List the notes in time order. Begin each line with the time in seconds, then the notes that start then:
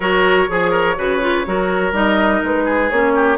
0.00 F#3 F#4 A#4 C#5
0.47 F3 G#4
0.71 A#4
0.96 C#3 F#4 B4
1.20 F4
1.45 F#3 F#4 A#4
1.92 G3 D#4 D#5
2.43 G#3 B4
2.64 G#4
2.90 A#3 C#4 C#5
3.14 G4